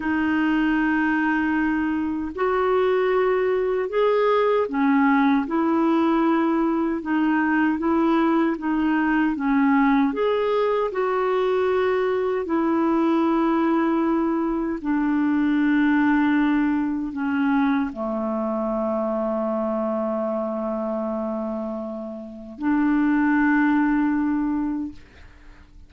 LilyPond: \new Staff \with { instrumentName = "clarinet" } { \time 4/4 \tempo 4 = 77 dis'2. fis'4~ | fis'4 gis'4 cis'4 e'4~ | e'4 dis'4 e'4 dis'4 | cis'4 gis'4 fis'2 |
e'2. d'4~ | d'2 cis'4 a4~ | a1~ | a4 d'2. | }